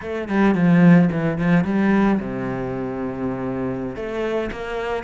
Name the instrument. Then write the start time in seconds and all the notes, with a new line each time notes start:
cello
0.01 A3
0.28 G3
0.54 F3
1.11 E3
1.38 F3
1.64 G3
2.19 C3
3.95 A3
4.51 A#3